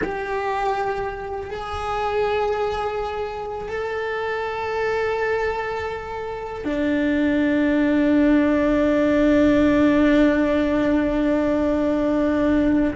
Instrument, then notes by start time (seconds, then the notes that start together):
cello
0.03 G4
1.50 G#4
3.68 A4
6.64 D4